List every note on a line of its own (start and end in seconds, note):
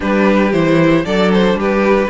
0.00 0.52 G3
0.00 0.51 D4
0.00 1.03 G4
0.00 0.52 B4
0.52 1.05 E3
0.52 1.04 E4
0.52 1.05 C5
1.04 1.54 F#3
1.04 2.09 D4
1.04 1.58 A4
1.04 1.31 D5
1.32 1.59 C5
1.54 2.07 G3
1.54 2.09 G4
1.54 2.09 B4